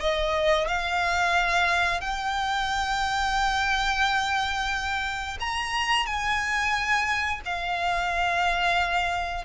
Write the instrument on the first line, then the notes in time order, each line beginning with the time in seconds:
violin
0.00 D#5
0.67 F5
2.01 G5
5.40 A#5
6.06 G#5
7.45 F5